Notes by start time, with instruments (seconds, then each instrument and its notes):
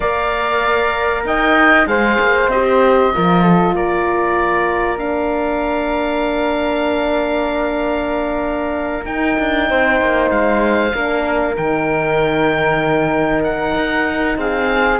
0.00 cello A#3, horn A#4, flute D5, oboe F5
1.24 cello D#4, flute D#5, oboe G5
1.86 cello G#3, horn G#4, flute C5, oboe F5
2.20 cello A#3
2.48 cello C4, horn G4, oboe D#5
3.13 cello F3, horn F4, flute A#4
3.42 flute A4
3.74 cello A#3, flute A#4, oboe D5
4.98 horn D4, oboe F5
9.05 horn D#4, cello D#4, oboe G5
9.39 cello D4
9.69 cello C4, flute C5
10.00 cello A#3
10.30 cello G#3, oboe F5
10.92 cello A#3, horn D4, flute A#4
11.55 cello D#3, horn D#4, oboe G5
13.43 oboe F#5
13.75 cello D#4
14.37 cello C4, flute G#4, oboe F5